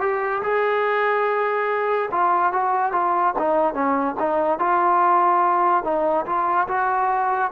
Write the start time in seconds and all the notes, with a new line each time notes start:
0.00 G4
0.42 G#4
2.11 F4
2.52 F#4
2.92 F4
3.38 D#4
3.73 C#4
4.19 D#4
4.59 F4
5.83 D#4
6.26 F4
6.67 F#4